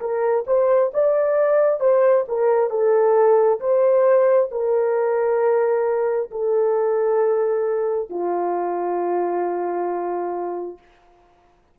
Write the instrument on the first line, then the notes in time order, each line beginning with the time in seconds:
horn
0.00 A#4
0.46 C5
0.94 D5
1.80 C5
2.28 A#4
2.69 A4
3.60 C5
4.51 A#4
6.31 A4
8.09 F4